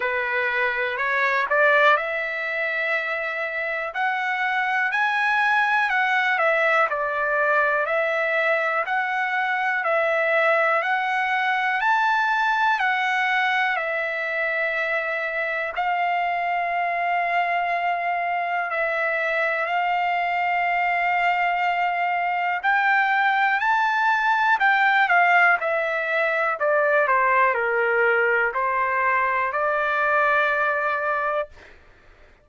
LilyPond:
\new Staff \with { instrumentName = "trumpet" } { \time 4/4 \tempo 4 = 61 b'4 cis''8 d''8 e''2 | fis''4 gis''4 fis''8 e''8 d''4 | e''4 fis''4 e''4 fis''4 | a''4 fis''4 e''2 |
f''2. e''4 | f''2. g''4 | a''4 g''8 f''8 e''4 d''8 c''8 | ais'4 c''4 d''2 | }